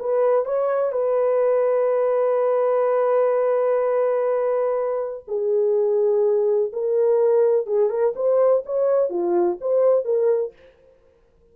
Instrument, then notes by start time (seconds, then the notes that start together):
horn
0.00 B4
0.46 C#5
0.92 B4
5.28 G#4
6.73 A#4
7.67 G#4
7.90 A#4
8.16 C5
8.66 C#5
9.10 F4
9.61 C5
10.05 A#4